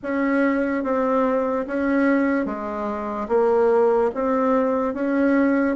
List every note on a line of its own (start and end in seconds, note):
0.03 0.83 C#4
0.83 1.66 C4
1.67 2.45 C#4
2.45 3.27 G#3
3.28 4.10 A#3
4.14 4.94 C4
4.94 5.76 C#4